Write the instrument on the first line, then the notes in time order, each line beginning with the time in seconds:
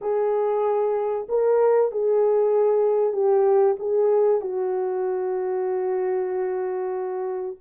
horn
0.01 G#4
1.29 A#4
1.91 G#4
3.12 G4
3.79 G#4
4.41 F#4